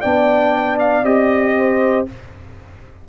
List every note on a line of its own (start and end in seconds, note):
0.00 1.02 B3
0.00 1.04 D4
0.00 1.53 D5
0.00 0.77 G5
0.79 1.04 F5
1.02 2.04 C4
1.02 2.06 G4
1.02 2.06 D#5
1.57 2.08 C5